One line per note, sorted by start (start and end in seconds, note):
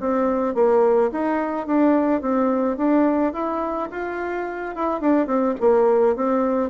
0.00 0.54 C4
0.54 1.10 A#3
1.12 1.66 D#4
1.66 2.21 D4
2.21 2.77 C4
2.77 3.33 D4
3.33 3.89 E4
3.91 4.75 F4
4.75 5.00 E4
5.00 5.26 D4
5.26 5.54 C4
5.60 6.16 A#3
6.16 6.70 C4